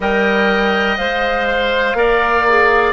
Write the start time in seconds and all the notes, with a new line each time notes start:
0.00 G3 A#4 D#5 G5
0.97 G#3 C5 F5
1.47 C5
1.93 A#3 A#4 D5
2.48 G#4